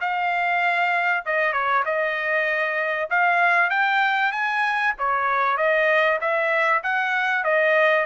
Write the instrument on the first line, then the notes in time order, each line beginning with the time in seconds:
trumpet
0.00 F5
1.25 D#5
1.53 C#5
1.85 D#5
3.10 F5
3.70 G5
4.32 G#5
4.98 C#5
5.57 D#5
6.20 E5
6.83 F#5
7.44 D#5